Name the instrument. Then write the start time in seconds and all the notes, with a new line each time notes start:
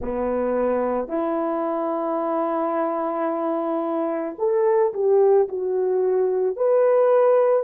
horn
0.01 B3
1.08 E4
4.38 A4
4.93 G4
5.48 F#4
6.56 B4